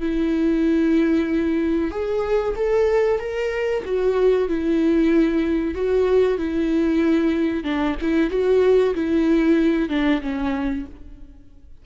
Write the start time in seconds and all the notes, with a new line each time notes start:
0.00 E4
1.91 G#4
2.56 A4
3.19 A#4
3.85 F#4
4.48 E4
5.74 F#4
6.38 E4
7.64 D4
8.02 E4
8.30 F#4
8.95 E4
9.89 D4
10.22 C#4